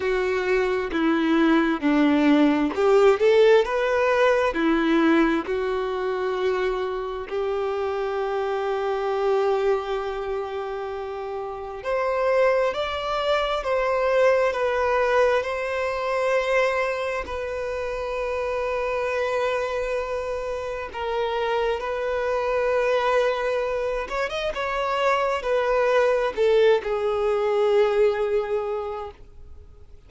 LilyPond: \new Staff \with { instrumentName = "violin" } { \time 4/4 \tempo 4 = 66 fis'4 e'4 d'4 g'8 a'8 | b'4 e'4 fis'2 | g'1~ | g'4 c''4 d''4 c''4 |
b'4 c''2 b'4~ | b'2. ais'4 | b'2~ b'8 cis''16 dis''16 cis''4 | b'4 a'8 gis'2~ gis'8 | }